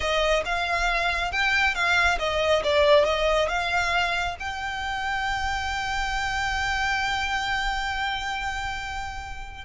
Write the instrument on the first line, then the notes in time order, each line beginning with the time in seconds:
violin
0.00 D#5
0.45 F5
1.32 G5
1.74 F5
2.18 D#5
2.63 D5
3.04 D#5
3.48 F5
4.39 G5